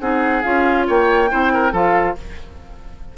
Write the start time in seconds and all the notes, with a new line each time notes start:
0.00 C4 D#4 G#4 F#5
0.42 C#4 F4 F5
0.87 A#3 C#5 G5
1.30 C4 E4 C5
1.54 A#4
1.72 F3 F4 A4 F5